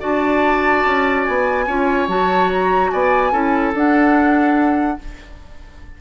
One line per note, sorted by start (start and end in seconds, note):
0.00 0.86 D4
0.00 1.66 F#4
0.00 1.66 D5
0.00 1.24 A5
0.86 1.27 C#4
1.24 1.67 B3
1.24 2.07 G#5
1.67 2.08 C#4
1.67 2.09 F4
1.67 2.91 C#5
2.08 2.90 F#3
2.08 3.32 F#4
2.08 2.51 A5
2.52 2.91 A#5
2.91 3.32 B3
2.91 3.32 D5
2.91 3.73 G#5
3.32 3.73 C#4
3.32 3.73 E4
3.32 4.98 A4
3.74 4.98 D4
3.74 5.00 D4
3.74 5.01 F#5